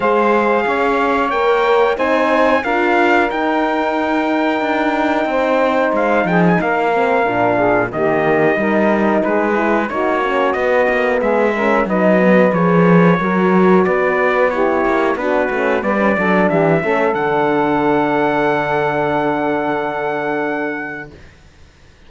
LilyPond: <<
  \new Staff \with { instrumentName = "trumpet" } { \time 4/4 \tempo 4 = 91 f''2 g''4 gis''4 | f''4 g''2.~ | g''4 f''8 g''16 gis''16 f''2 | dis''2 b'4 cis''4 |
dis''4 e''4 dis''4 cis''4~ | cis''4 d''4 cis''4 b'4 | d''4 e''4 fis''2~ | fis''1 | }
  \new Staff \with { instrumentName = "saxophone" } { \time 4/4 c''4 cis''2 c''4 | ais'1 | c''4. gis'8 ais'4. gis'8 | g'4 ais'4 gis'4 fis'4~ |
fis'4 gis'8 ais'8 b'2 | ais'4 b'4 g'4 fis'4 | b'8 a'8 g'8 a'2~ a'8~ | a'1 | }
  \new Staff \with { instrumentName = "horn" } { \time 4/4 gis'2 ais'4 dis'4 | f'4 dis'2.~ | dis'2~ dis'8 c'8 d'4 | ais4 dis'4. e'8 dis'8 cis'8 |
b4. cis'8 dis'8 b8 gis'4 | fis'2 e'4 d'8 cis'8 | b16 cis'16 d'4 cis'8 d'2~ | d'1 | }
  \new Staff \with { instrumentName = "cello" } { \time 4/4 gis4 cis'4 ais4 c'4 | d'4 dis'2 d'4 | c'4 gis8 f8 ais4 ais,4 | dis4 g4 gis4 ais4 |
b8 ais8 gis4 fis4 f4 | fis4 b4. ais8 b8 a8 | g8 fis8 e8 a8 d2~ | d1 | }
>>